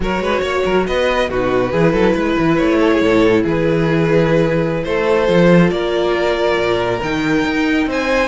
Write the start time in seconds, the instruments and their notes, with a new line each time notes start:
0.00 cello F#3, viola F#4, violin A#4 C#5
0.19 cello G#3, violin B4
0.41 cello A#3, violin C#5
0.65 cello F#3, violin A#4
0.86 cello B3, violin B4 D#5
1.29 cello B2, viola D#4, violin F#4 B4
1.71 cello E3, viola E4, violin G#4
1.92 cello F#3, violin A4
2.13 cello G#3, violin B4
2.38 cello E3
2.56 cello A3, violin C#5
2.79 violin A4
2.92 violin G#4
3.01 cello A2, violin A4
3.43 cello E3, violin G#4 B4
4.83 cello A3, violin A4 C5
5.26 cello F3, viola F4
5.70 cello A#3, violin A#4 D5
6.57 cello A#2
7.01 cello D#3, viola D#4, violin G5
7.44 cello D#4
7.86 cello C4, violin C5 G#5